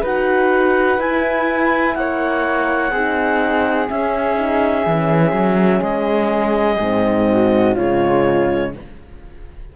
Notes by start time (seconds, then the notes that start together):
0.00 D#4 F#4 B4 F#5
0.98 E4 G#5
1.95 A#3 C#5 F#5
2.91 C4 D#4 G#4
3.87 C#4 E5
4.35 D#4
4.86 E3 C#4
5.32 F#3
5.81 G#3 D#5
6.79 G#2 C4
7.30 F#4
7.74 C#3 G#3 F4 C#5